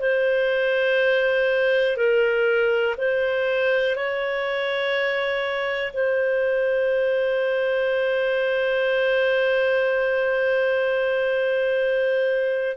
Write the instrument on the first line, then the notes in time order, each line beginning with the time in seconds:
clarinet
0.00 C5
1.97 A#4
2.97 C5
3.95 C#5
5.93 C5